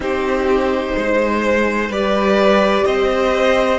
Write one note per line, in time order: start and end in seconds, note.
0.00 0.90 C4
0.00 1.89 D#4
0.00 0.96 G4
0.00 1.92 C5
0.96 1.88 G#3
0.96 1.89 C5
1.88 2.84 G3
1.88 3.79 G4
1.88 2.85 B4
1.88 2.85 D5
2.85 3.79 C4
2.85 3.79 C5
2.85 3.79 D#5